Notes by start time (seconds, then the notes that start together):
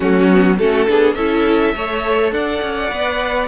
0.00 F#3 A3 C#4 F#4
0.30 B3
0.58 A3 C#4 F#4 A4
0.87 B3 D4 G#4
1.14 C#4 E4 A4 E5
1.74 A3 A4 C#5
2.32 D4 D5 F#5
2.62 C#4
2.90 B3 B4